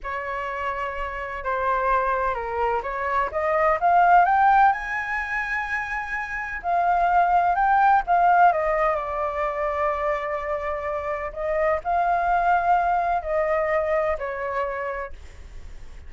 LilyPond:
\new Staff \with { instrumentName = "flute" } { \time 4/4 \tempo 4 = 127 cis''2. c''4~ | c''4 ais'4 cis''4 dis''4 | f''4 g''4 gis''2~ | gis''2 f''2 |
g''4 f''4 dis''4 d''4~ | d''1 | dis''4 f''2. | dis''2 cis''2 | }